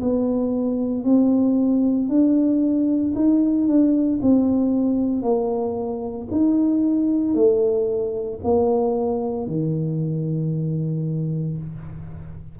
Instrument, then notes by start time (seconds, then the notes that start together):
tuba
0.00 B3
1.04 C4
2.09 D4
3.15 D#4
3.67 D4
4.22 C4
5.22 A#3
6.31 D#4
7.34 A3
8.43 A#3
9.46 D#3